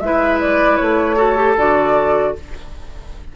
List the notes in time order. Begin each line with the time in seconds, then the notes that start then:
0.00 G#3 E4 B4 E5
0.40 D5
0.77 A3 C#5
1.17 F#4 A4
1.37 G4
1.57 D3 F#4 D5